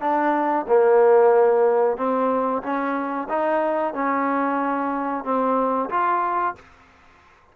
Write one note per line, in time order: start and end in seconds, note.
0.00 0.65 D4
0.67 1.97 A#3
1.97 2.62 C4
2.62 3.27 C#4
3.29 3.93 D#4
3.93 5.24 C#4
5.24 5.89 C4
5.89 6.55 F4